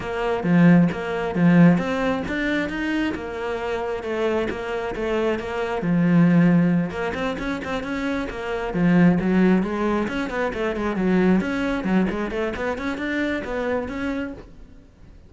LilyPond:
\new Staff \with { instrumentName = "cello" } { \time 4/4 \tempo 4 = 134 ais4 f4 ais4 f4 | c'4 d'4 dis'4 ais4~ | ais4 a4 ais4 a4 | ais4 f2~ f8 ais8 |
c'8 cis'8 c'8 cis'4 ais4 f8~ | f8 fis4 gis4 cis'8 b8 a8 | gis8 fis4 cis'4 fis8 gis8 a8 | b8 cis'8 d'4 b4 cis'4 | }